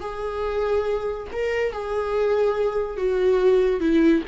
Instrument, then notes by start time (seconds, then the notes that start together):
viola
0.00 G#4
1.32 A#4
1.72 G#4
2.97 F#4
3.80 E4